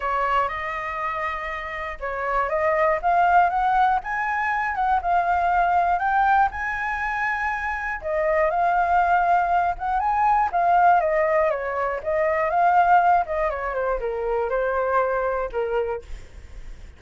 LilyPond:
\new Staff \with { instrumentName = "flute" } { \time 4/4 \tempo 4 = 120 cis''4 dis''2. | cis''4 dis''4 f''4 fis''4 | gis''4. fis''8 f''2 | g''4 gis''2. |
dis''4 f''2~ f''8 fis''8 | gis''4 f''4 dis''4 cis''4 | dis''4 f''4. dis''8 cis''8 c''8 | ais'4 c''2 ais'4 | }